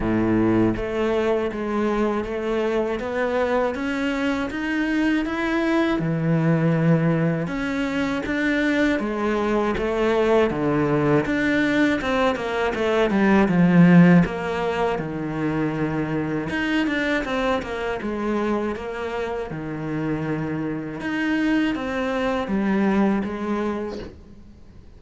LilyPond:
\new Staff \with { instrumentName = "cello" } { \time 4/4 \tempo 4 = 80 a,4 a4 gis4 a4 | b4 cis'4 dis'4 e'4 | e2 cis'4 d'4 | gis4 a4 d4 d'4 |
c'8 ais8 a8 g8 f4 ais4 | dis2 dis'8 d'8 c'8 ais8 | gis4 ais4 dis2 | dis'4 c'4 g4 gis4 | }